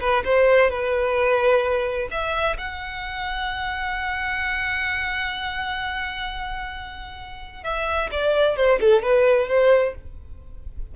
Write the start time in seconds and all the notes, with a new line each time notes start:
0.00 B4
0.24 C5
0.70 B4
2.10 E5
2.57 F#5
7.63 E5
8.11 D5
8.56 C5
8.80 A4
9.02 B4
9.48 C5